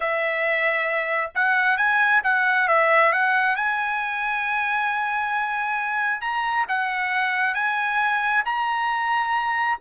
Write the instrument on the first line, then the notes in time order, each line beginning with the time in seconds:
trumpet
0.00 E5
1.34 F#5
1.77 G#5
2.23 F#5
2.67 E5
3.12 F#5
3.56 G#5
6.21 A#5
6.68 F#5
7.54 G#5
8.45 A#5